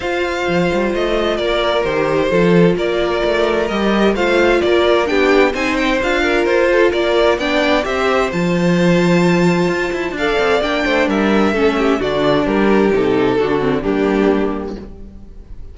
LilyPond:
<<
  \new Staff \with { instrumentName = "violin" } { \time 4/4 \tempo 4 = 130 f''2 dis''4 d''4 | c''2 d''2 | dis''4 f''4 d''4 g''4 | gis''8 g''8 f''4 c''4 d''4 |
g''4 e''4 a''2~ | a''2 f''4 g''4 | e''2 d''4 ais'4 | a'2 g'2 | }
  \new Staff \with { instrumentName = "violin" } { \time 4/4 c''2. ais'4~ | ais'4 a'4 ais'2~ | ais'4 c''4 ais'4 g'4 | c''4. ais'4 a'8 ais'4 |
d''4 c''2.~ | c''2 d''4. c''8 | ais'4 a'8 g'8 fis'4 g'4~ | g'4 fis'4 d'2 | }
  \new Staff \with { instrumentName = "viola" } { \time 4/4 f'1 | g'4 f'2. | g'4 f'2 d'4 | dis'4 f'2. |
d'4 g'4 f'2~ | f'2 a'4 d'4~ | d'4 cis'4 d'2 | dis'4 d'8 c'8 ais2 | }
  \new Staff \with { instrumentName = "cello" } { \time 4/4 f'4 f8 g8 a4 ais4 | dis4 f4 ais4 a4 | g4 a4 ais4 b4 | c'4 d'4 f'4 ais4 |
b4 c'4 f2~ | f4 f'8 e'8 d'8 c'8 ais8 a8 | g4 a4 d4 g4 | c4 d4 g2 | }
>>